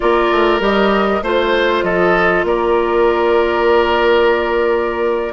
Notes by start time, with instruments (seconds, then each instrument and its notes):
0.00 bassoon A#3, clarinet F4, oboe A#4, flute D5
0.31 bassoon A3
0.59 bassoon G3, clarinet G4, flute D#5
1.22 bassoon A3, clarinet F4, oboe C5, flute C5
1.82 bassoon F3, oboe A4, flute D#5
2.43 bassoon A#3, oboe A#4, flute D5